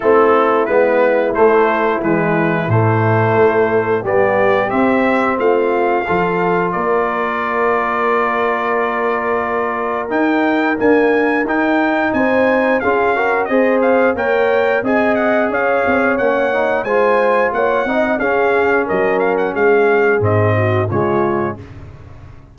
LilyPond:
<<
  \new Staff \with { instrumentName = "trumpet" } { \time 4/4 \tempo 4 = 89 a'4 b'4 c''4 b'4 | c''2 d''4 e''4 | f''2 d''2~ | d''2. g''4 |
gis''4 g''4 gis''4 f''4 | dis''8 f''8 g''4 gis''8 fis''8 f''4 | fis''4 gis''4 fis''4 f''4 | dis''8 f''16 fis''16 f''4 dis''4 cis''4 | }
  \new Staff \with { instrumentName = "horn" } { \time 4/4 e'1~ | e'2 g'2 | f'4 a'4 ais'2~ | ais'1~ |
ais'2 c''4 gis'8 ais'8 | c''4 cis''4 dis''4 cis''4~ | cis''4 c''4 cis''8 dis''8 gis'4 | ais'4 gis'4. fis'8 f'4 | }
  \new Staff \with { instrumentName = "trombone" } { \time 4/4 c'4 b4 a4 gis4 | a2 b4 c'4~ | c'4 f'2.~ | f'2. dis'4 |
ais4 dis'2 f'8 fis'8 | gis'4 ais'4 gis'2 | cis'8 dis'8 f'4. dis'8 cis'4~ | cis'2 c'4 gis4 | }
  \new Staff \with { instrumentName = "tuba" } { \time 4/4 a4 gis4 a4 e4 | a,4 a4 g4 c'4 | a4 f4 ais2~ | ais2. dis'4 |
d'4 dis'4 c'4 cis'4 | c'4 ais4 c'4 cis'8 c'8 | ais4 gis4 ais8 c'8 cis'4 | fis4 gis4 gis,4 cis4 | }
>>